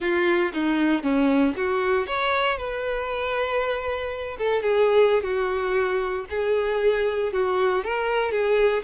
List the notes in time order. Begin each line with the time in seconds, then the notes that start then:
0.00 F4
0.53 D#4
1.03 C#4
1.56 F#4
2.06 C#5
2.57 B4
4.38 A4
4.62 G#4
5.23 F#4
6.30 G#4
7.32 F#4
7.84 A#4
8.31 G#4